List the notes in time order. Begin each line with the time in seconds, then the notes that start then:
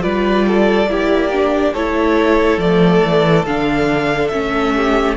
0.00 G3 F4 B4 D5
0.47 A4
0.87 A#3 E4 G4
1.32 D4
1.74 A3 E4 A4 C#5
2.57 F3 A3 D5
3.04 E3
3.46 D3 D4 F5
4.28 A3 C#4 E5
4.76 G4